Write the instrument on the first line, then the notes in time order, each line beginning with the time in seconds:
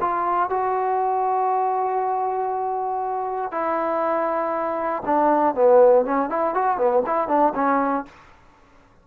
trombone
0.00 F4
0.50 F#4
3.51 E4
5.05 D4
5.55 B3
6.05 C#4
6.29 E4
6.54 F#4
6.77 B3
7.06 E4
7.28 D4
7.54 C#4